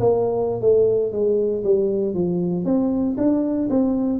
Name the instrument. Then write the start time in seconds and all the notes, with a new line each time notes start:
tuba
0.00 A#3
0.61 A3
1.13 G#3
1.64 G3
2.14 F3
2.65 C4
3.18 D4
3.70 C4